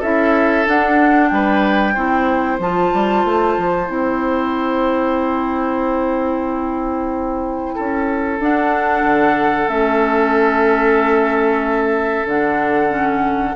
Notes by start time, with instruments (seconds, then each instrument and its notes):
0.00 bassoon C#4, clarinet E4, oboe A4, flute E5
0.66 clarinet D4, bassoon D4, flute F#5
1.29 bassoon G3, oboe B4, flute G5
1.94 bassoon C4, clarinet E4, oboe C5
2.59 bassoon F3, clarinet F4, flute A5
2.94 bassoon G3
3.25 bassoon A3
3.58 bassoon F3
3.87 bassoon C4, clarinet E4, flute G5
7.75 bassoon C#4, oboe A4
8.40 bassoon D4, clarinet D4, flute F#5
9.03 bassoon D3
9.68 bassoon A3, clarinet C#4, flute E5
12.25 bassoon D3, clarinet D4, flute F#5
12.89 clarinet C#4